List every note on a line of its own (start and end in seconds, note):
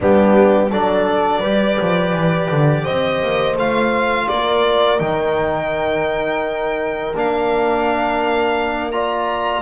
0.00 0.72 G3
0.00 0.71 B3
0.00 0.68 D4
0.00 0.71 G4
0.68 1.42 F#3
0.68 1.42 D4
0.68 1.39 A4
0.68 2.84 D5
1.39 1.78 G3
1.39 3.56 G4
1.39 2.82 B4
1.80 2.13 F3
2.13 2.49 E3
2.50 2.86 D3
2.83 3.22 C4
2.83 4.26 C5
2.83 3.55 D#5
3.22 3.56 A#3
3.56 4.27 A3
3.56 4.99 F4
3.56 4.28 F5
4.28 5.00 A#3
4.28 8.93 A#4
4.28 4.99 D5
4.99 7.14 D#3
4.99 7.13 D#4
4.99 7.13 G5
7.15 9.61 A#3
7.15 8.92 D4
7.15 8.91 F5
8.91 9.61 F4
8.91 9.61 D5
8.91 9.61 A#5